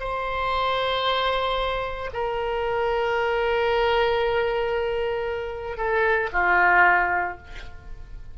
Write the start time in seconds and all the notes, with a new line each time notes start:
0.00 C5
2.13 A#4
5.77 A4
6.33 F4